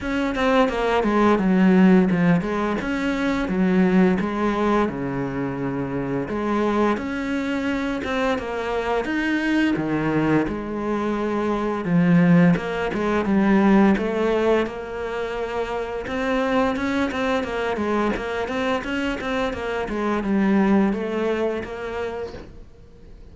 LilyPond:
\new Staff \with { instrumentName = "cello" } { \time 4/4 \tempo 4 = 86 cis'8 c'8 ais8 gis8 fis4 f8 gis8 | cis'4 fis4 gis4 cis4~ | cis4 gis4 cis'4. c'8 | ais4 dis'4 dis4 gis4~ |
gis4 f4 ais8 gis8 g4 | a4 ais2 c'4 | cis'8 c'8 ais8 gis8 ais8 c'8 cis'8 c'8 | ais8 gis8 g4 a4 ais4 | }